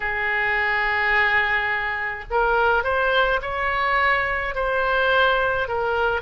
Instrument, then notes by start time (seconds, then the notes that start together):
oboe
0.00 G#4
2.30 A#4
2.83 C5
3.41 C#5
4.54 C5
5.68 A#4